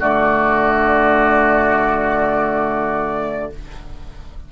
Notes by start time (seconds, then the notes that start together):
0.00 D3 A3 F#4 D5